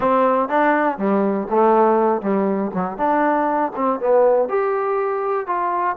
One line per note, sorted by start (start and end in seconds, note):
0.00 0.48 C4
0.48 0.98 D4
0.98 1.47 G3
1.49 2.21 A3
2.21 2.71 G3
2.74 2.97 F#3
2.97 3.72 D4
3.75 4.00 C4
4.00 4.48 B3
4.48 5.46 G4
5.46 5.96 F4